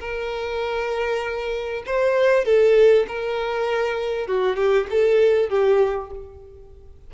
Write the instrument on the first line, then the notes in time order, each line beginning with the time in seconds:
violin
0.00 A#4
1.86 C5
2.45 A4
3.08 A#4
4.27 F#4
4.57 G4
4.91 A4
5.50 G4